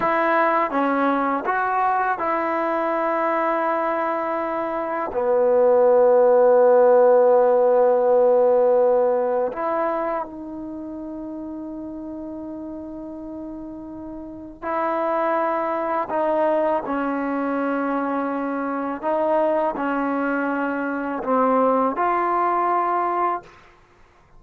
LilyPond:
\new Staff \with { instrumentName = "trombone" } { \time 4/4 \tempo 4 = 82 e'4 cis'4 fis'4 e'4~ | e'2. b4~ | b1~ | b4 e'4 dis'2~ |
dis'1 | e'2 dis'4 cis'4~ | cis'2 dis'4 cis'4~ | cis'4 c'4 f'2 | }